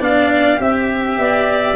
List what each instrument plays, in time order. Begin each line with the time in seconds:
0.00 tuba B3, cello D4, clarinet D5, trumpet F5
0.57 tuba C4, cello G4, trumpet E5, clarinet E5
1.18 tuba B3, clarinet D5